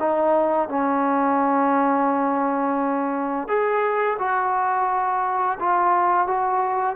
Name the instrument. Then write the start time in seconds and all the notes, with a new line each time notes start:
trombone
0.00 D#4
0.69 C#4
3.48 G#4
4.19 F#4
5.60 F4
6.28 F#4